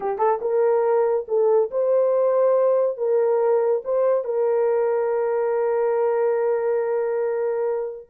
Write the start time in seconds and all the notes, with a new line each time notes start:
0.00 G4
0.18 A4
0.41 A#4
1.27 A4
1.70 C5
2.97 A#4
3.84 C5
4.24 A#4